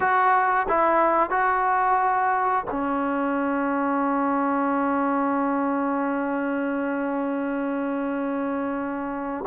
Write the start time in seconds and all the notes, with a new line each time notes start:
0.00 F#4
0.68 E4
1.30 F#4
2.70 C#4